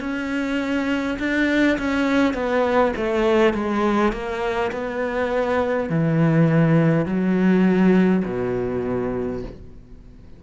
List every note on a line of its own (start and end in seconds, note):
0.00 1.18 C#4
1.19 1.78 D4
1.78 2.33 C#4
2.33 2.92 B3
2.96 3.53 A3
3.53 4.12 G#3
4.12 4.71 A#3
4.71 5.89 B3
5.89 7.05 E3
7.05 8.23 F#3
8.25 9.42 B2